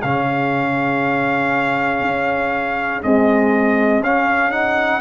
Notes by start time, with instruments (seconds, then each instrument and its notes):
0.00 tuba C#3, trombone C#4, horn G#4, trumpet F5
2.02 tuba C#4
3.02 trombone G#3, tuba C4, trumpet D#5
4.01 tuba C#4, trombone C#4, trumpet F5
4.51 trombone D#4, trumpet F#5